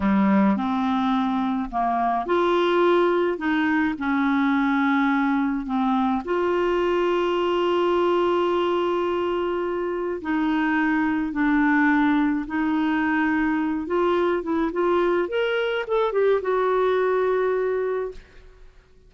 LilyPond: \new Staff \with { instrumentName = "clarinet" } { \time 4/4 \tempo 4 = 106 g4 c'2 ais4 | f'2 dis'4 cis'4~ | cis'2 c'4 f'4~ | f'1~ |
f'2 dis'2 | d'2 dis'2~ | dis'8 f'4 e'8 f'4 ais'4 | a'8 g'8 fis'2. | }